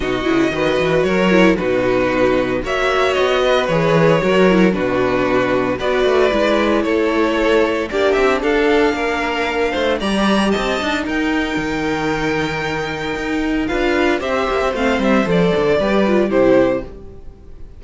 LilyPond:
<<
  \new Staff \with { instrumentName = "violin" } { \time 4/4 \tempo 4 = 114 dis''2 cis''4 b'4~ | b'4 e''4 dis''4 cis''4~ | cis''4 b'2 d''4~ | d''4 cis''2 d''8 e''8 |
f''2. ais''4 | a''4 g''2.~ | g''2 f''4 e''4 | f''8 e''8 d''2 c''4 | }
  \new Staff \with { instrumentName = "violin" } { \time 4/4 fis'4 b'4 ais'4 fis'4~ | fis'4 cis''4. b'4. | ais'4 fis'2 b'4~ | b'4 a'2 g'4 |
a'4 ais'4. c''8 d''4 | dis''4 ais'2.~ | ais'2 b'4 c''4~ | c''2 b'4 g'4 | }
  \new Staff \with { instrumentName = "viola" } { \time 4/4 dis'8 e'8 fis'4. e'8 dis'4~ | dis'4 fis'2 gis'4 | fis'8 e'8 d'2 fis'4 | e'2. d'4~ |
d'2. g'4~ | g'8 dis'2.~ dis'8~ | dis'2 f'4 g'4 | c'4 a'4 g'8 f'8 e'4 | }
  \new Staff \with { instrumentName = "cello" } { \time 4/4 b,8 cis8 dis8 e8 fis4 b,4~ | b,4 ais4 b4 e4 | fis4 b,2 b8 a8 | gis4 a2 ais8 c'8 |
d'4 ais4. a8 g4 | c'8 d'8 dis'4 dis2~ | dis4 dis'4 d'4 c'8 ais16 c'16 | a8 g8 f8 d8 g4 c4 | }
>>